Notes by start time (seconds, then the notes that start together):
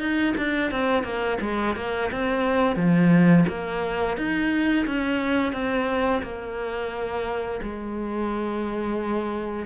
0.00 D#4
0.38 D4
0.71 C4
1.04 A#3
1.41 G#3
1.76 A#3
2.12 C4
2.76 F3
3.49 A#3
4.18 D#4
4.87 C#4
5.53 C4
6.23 A#3
7.63 G#3